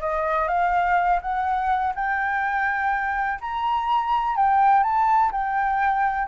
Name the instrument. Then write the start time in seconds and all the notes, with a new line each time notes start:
flute
0.00 D#5
0.48 F5
1.21 F#5
1.95 G5
3.40 A#5
4.35 G5
4.83 A5
5.31 G5